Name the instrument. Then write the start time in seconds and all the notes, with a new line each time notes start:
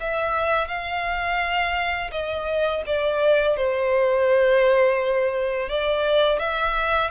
violin
0.00 E5
0.68 F5
2.11 D#5
2.86 D5
3.57 C5
5.69 D5
6.39 E5